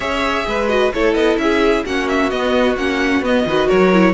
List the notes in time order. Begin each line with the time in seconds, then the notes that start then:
0.00 C#4 G#4 C#5 E5
0.46 G#3 B4
0.68 F#4 D#5
0.93 A3 E4 A4 C#5
1.14 B3 D#5
1.37 C#4 G#4 E5
1.85 A#3 C#4 F#4 F#5
2.08 E5
2.30 B3 D#5
2.76 A#3 C#4 F#5
3.21 B3 D#5
3.45 D#3 F#4 B4
3.67 F#3 A#4 C#5
3.92 E4